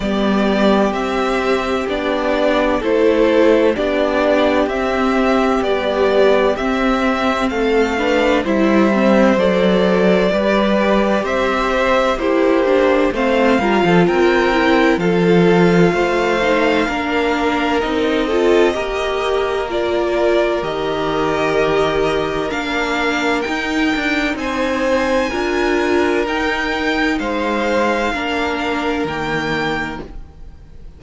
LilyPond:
<<
  \new Staff \with { instrumentName = "violin" } { \time 4/4 \tempo 4 = 64 d''4 e''4 d''4 c''4 | d''4 e''4 d''4 e''4 | f''4 e''4 d''2 | e''4 c''4 f''4 g''4 |
f''2. dis''4~ | dis''4 d''4 dis''2 | f''4 g''4 gis''2 | g''4 f''2 g''4 | }
  \new Staff \with { instrumentName = "violin" } { \time 4/4 g'2. a'4 | g'1 | a'8 b'8 c''2 b'4 | c''4 g'4 c''8 ais'16 a'16 ais'4 |
a'4 c''4 ais'4. a'8 | ais'1~ | ais'2 c''4 ais'4~ | ais'4 c''4 ais'2 | }
  \new Staff \with { instrumentName = "viola" } { \time 4/4 b4 c'4 d'4 e'4 | d'4 c'4 g4 c'4~ | c'8 d'8 e'8 c'8 a'4 g'4~ | g'4 e'8 d'8 c'8 f'4 e'8 |
f'4. dis'8 d'4 dis'8 f'8 | g'4 f'4 g'2 | d'4 dis'2 f'4 | dis'2 d'4 ais4 | }
  \new Staff \with { instrumentName = "cello" } { \time 4/4 g4 c'4 b4 a4 | b4 c'4 b4 c'4 | a4 g4 fis4 g4 | c'4 ais4 a8 g16 f16 c'4 |
f4 a4 ais4 c'4 | ais2 dis2 | ais4 dis'8 d'8 c'4 d'4 | dis'4 gis4 ais4 dis4 | }
>>